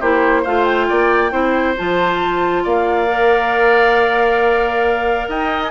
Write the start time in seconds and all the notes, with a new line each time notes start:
0.00 A#3 E4 G4 C5
0.42 A3 F4 C5 F5
0.64 G5
0.88 A#3 D5
1.31 C4 E4 C5
1.77 F3 F4 A5
2.63 A#3 D5 F5
3.07 A#4
5.28 D#4 D#5 G5
5.63 G#5